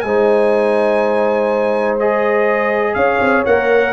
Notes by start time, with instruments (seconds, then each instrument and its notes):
0.00 tuba G#3, horn C5, trumpet G#5
0.07 trombone D#4
1.99 trombone G#4, trumpet D#5
2.94 tuba C#4, horn C#5, trumpet F5
3.20 tuba C4
3.46 tuba A#3, trombone A#4, trumpet F#5